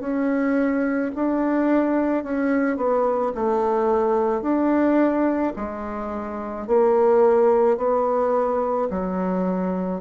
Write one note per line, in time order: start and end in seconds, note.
0.00 1.11 C#4
1.15 2.24 D4
2.24 2.77 C#4
2.77 3.32 B3
3.35 4.42 A3
4.42 5.53 D4
5.56 6.67 G#3
6.67 7.77 A#3
7.77 8.88 B3
8.90 10.01 F#3